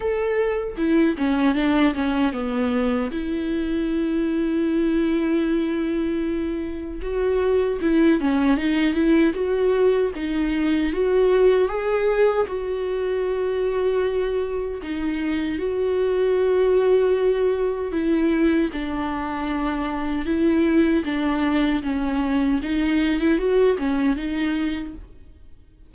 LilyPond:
\new Staff \with { instrumentName = "viola" } { \time 4/4 \tempo 4 = 77 a'4 e'8 cis'8 d'8 cis'8 b4 | e'1~ | e'4 fis'4 e'8 cis'8 dis'8 e'8 | fis'4 dis'4 fis'4 gis'4 |
fis'2. dis'4 | fis'2. e'4 | d'2 e'4 d'4 | cis'4 dis'8. e'16 fis'8 cis'8 dis'4 | }